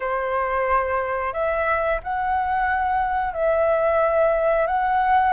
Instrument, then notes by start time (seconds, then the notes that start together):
flute
0.00 C5
1.33 E5
2.03 F#5
3.33 E5
4.66 F#5